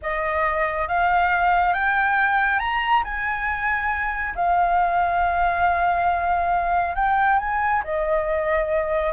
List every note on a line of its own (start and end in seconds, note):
0.02 0.88 D#5
0.88 1.73 F5
1.73 2.59 G5
2.59 3.02 A#5
3.04 4.34 G#5
4.35 6.95 F5
6.95 7.38 G5
7.39 7.82 G#5
7.84 9.13 D#5